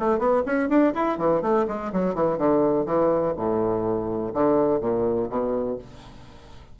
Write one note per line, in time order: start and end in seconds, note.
0.00 0.19 A3
0.19 0.43 B3
0.46 0.70 C#4
0.70 0.94 D4
0.95 1.18 E4
1.18 1.42 E3
1.42 1.66 A3
1.68 1.92 G#3
1.93 2.15 F#3
2.15 2.38 E3
2.38 2.86 D3
2.86 3.35 E3
3.37 4.34 A2
4.34 4.81 D3
4.81 5.29 A#2
5.30 5.79 B2